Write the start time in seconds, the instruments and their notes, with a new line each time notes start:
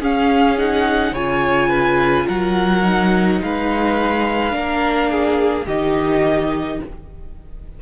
0.00 cello C#4, viola C#4, violin G#4 F5
0.58 viola D#4, violin F#5
1.12 cello C#3, viola F4, violin C#5 G#5
1.69 violin B4
2.27 cello F#3, violin A#4 F#5
2.82 viola D#4
3.42 cello G#3, violin B4 F5
4.51 cello A#3, viola D4, violin A#4
5.11 violin G#4
5.66 cello D#3, viola D#4, violin G4 D#5